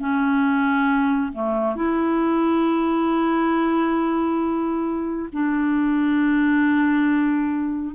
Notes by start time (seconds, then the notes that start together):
0.00 C#4
1.33 A3
1.76 E4
5.33 D4